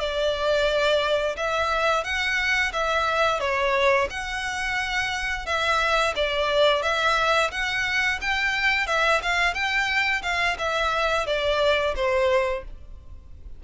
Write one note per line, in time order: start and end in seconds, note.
0.00 1.36 D5
1.37 2.04 E5
2.04 2.72 F#5
2.73 3.40 E5
3.40 4.08 C#5
4.10 5.46 F#5
5.46 6.15 E5
6.16 6.83 D5
6.83 7.51 E5
7.52 8.20 F#5
8.21 8.87 G5
8.87 9.21 E5
9.23 9.54 F5
9.54 10.22 G5
10.23 10.57 F5
10.59 11.27 E5
11.27 11.95 D5
11.96 12.64 C5